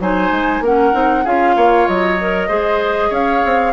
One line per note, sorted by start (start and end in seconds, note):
0.00 0.31 F#3
0.00 0.64 D#4
0.00 0.64 C5
0.00 0.65 G#5
0.31 0.61 G#3
0.61 0.92 A#3
0.61 0.93 C#4
0.61 1.24 A#4
0.61 1.27 F#5
0.93 1.26 C4
0.93 1.24 D#4
1.24 1.56 C#4
1.24 2.19 F4
1.24 1.55 G#4
1.24 1.88 F5
1.56 1.88 A#3
1.56 2.48 C#5
1.88 2.49 F#3
1.88 3.13 D#5
2.20 2.49 A#4
2.48 3.11 G#3
2.48 3.74 G#4
2.48 3.10 C5
3.10 3.42 C#4
3.10 3.72 C#5
3.10 3.74 F5
3.45 3.74 C4